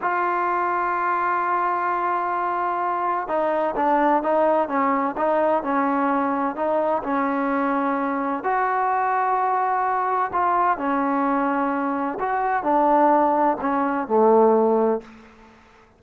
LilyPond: \new Staff \with { instrumentName = "trombone" } { \time 4/4 \tempo 4 = 128 f'1~ | f'2. dis'4 | d'4 dis'4 cis'4 dis'4 | cis'2 dis'4 cis'4~ |
cis'2 fis'2~ | fis'2 f'4 cis'4~ | cis'2 fis'4 d'4~ | d'4 cis'4 a2 | }